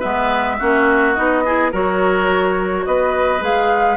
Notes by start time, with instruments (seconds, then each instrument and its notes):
0.00 bassoon G#3, clarinet B3, oboe B4, flute E5
0.59 bassoon A#3, clarinet C#4, oboe F#4
1.14 bassoon B3, clarinet D#4, flute D#5
1.45 clarinet E4, oboe G#4
1.72 bassoon F#3, clarinet F#4, oboe A#4, flute C#5
2.86 bassoon B3, oboe B4, flute D#5
3.41 bassoon G#3, clarinet G#4, flute F5